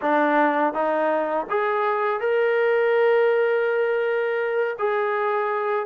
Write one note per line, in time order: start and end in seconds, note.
0.01 0.73 D4
0.73 1.46 D#4
1.49 2.20 G#4
2.20 4.76 A#4
4.78 5.85 G#4